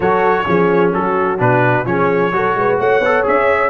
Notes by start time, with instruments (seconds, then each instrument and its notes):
0.00 tuba F#3, trombone F#4, horn A4, trumpet C#5
0.45 tuba F3, trombone C#4, horn G#4
0.93 tuba F#3, horn F#4, trumpet A4
1.38 tuba B2, trombone D4, trumpet B4
1.85 tuba F3, trombone C#4, horn G#4, trumpet C#5
2.32 tuba F#3, trombone F#4, horn A4
2.54 tuba G#3, horn B4
2.79 tuba A3, horn C#5, trumpet F#5
2.99 tuba B3, trombone A4
3.23 tuba C#4, trombone G#4, trumpet E5